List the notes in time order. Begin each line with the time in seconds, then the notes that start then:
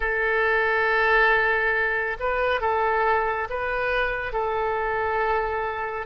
0.00 A4
2.19 B4
2.60 A4
3.49 B4
4.32 A4